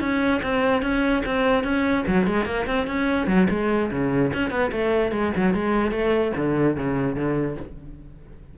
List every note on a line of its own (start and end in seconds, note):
0.00 0.41 C#4
0.42 0.82 C4
0.82 1.22 C#4
1.25 1.63 C4
1.63 2.04 C#4
2.07 2.26 F#3
2.26 2.45 G#3
2.45 2.65 A#3
2.66 2.86 C4
2.87 3.27 C#4
3.27 3.47 F#3
3.49 3.90 G#3
3.91 4.32 C#3
4.33 4.50 C#4
4.50 4.71 B3
4.71 5.11 A3
5.11 5.32 G#3
5.36 5.54 F#3
5.54 5.91 G#3
5.91 6.32 A3
6.36 6.76 D3
6.76 7.15 C#3
7.15 7.56 D3